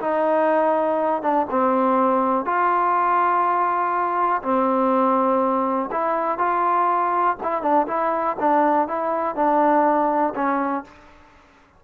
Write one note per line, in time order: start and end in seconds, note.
0.00 1.22 D#4
1.22 1.47 D4
1.50 2.45 C4
2.45 4.42 F4
4.42 5.90 C4
5.91 6.38 E4
6.38 7.36 F4
7.43 7.62 E4
7.62 7.87 D4
7.87 8.37 E4
8.40 8.88 D4
8.88 9.35 E4
9.35 10.34 D4
10.35 10.84 C#4